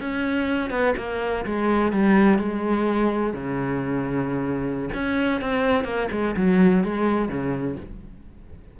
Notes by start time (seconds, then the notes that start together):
0.00 C#4
0.70 B3
0.97 A#3
1.46 G#3
1.92 G3
2.38 G#3
3.33 C#3
4.94 C#4
5.41 C4
5.84 A#3
6.11 G#3
6.36 F#3
6.84 G#3
7.29 C#3